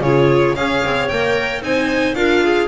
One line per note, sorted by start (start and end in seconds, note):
0.00 0.53 C#3
0.00 0.56 F4
0.00 0.56 G#4
0.00 0.55 C#5
0.55 0.83 C#4
0.55 1.09 G#4
0.55 1.62 C#5
0.55 1.08 F5
0.84 1.11 C4
1.08 1.61 A#3
1.08 1.62 A#4
1.08 1.61 G5
1.61 2.14 C4
1.61 2.15 D#4
1.61 2.17 C5
1.61 2.14 G#5
2.14 2.68 D4
2.14 2.68 F4
2.14 2.43 A#4
2.14 2.67 F5
2.43 2.68 G#4